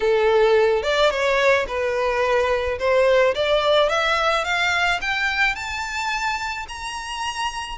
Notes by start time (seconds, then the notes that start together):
0.00 A4
0.82 D5
1.10 C#5
1.67 B4
2.79 C5
3.34 D5
3.89 E5
4.44 F5
5.01 G5
5.55 A5
6.68 A#5